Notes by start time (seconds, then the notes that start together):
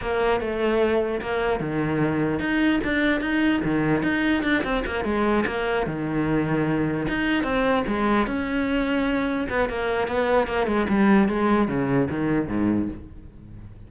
0.01 A#3
0.40 A3
1.21 A#3
1.59 D#3
2.39 D#4
2.84 D4
3.20 D#4
3.64 D#3
4.02 D#4
4.43 D4
4.63 C4
4.86 A#3
5.04 G#3
5.46 A#3
5.86 D#3
7.08 D#4
7.43 C4
7.87 G#3
8.26 C#4
9.49 B3
9.69 A#3
10.07 B3
10.47 A#3
10.66 G#3
10.89 G3
11.28 G#3
11.68 C#3
12.10 D#3
12.48 G#2